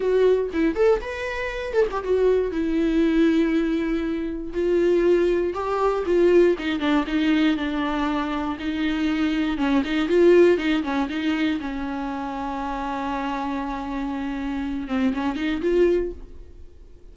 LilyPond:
\new Staff \with { instrumentName = "viola" } { \time 4/4 \tempo 4 = 119 fis'4 e'8 a'8 b'4. a'16 g'16 | fis'4 e'2.~ | e'4 f'2 g'4 | f'4 dis'8 d'8 dis'4 d'4~ |
d'4 dis'2 cis'8 dis'8 | f'4 dis'8 cis'8 dis'4 cis'4~ | cis'1~ | cis'4. c'8 cis'8 dis'8 f'4 | }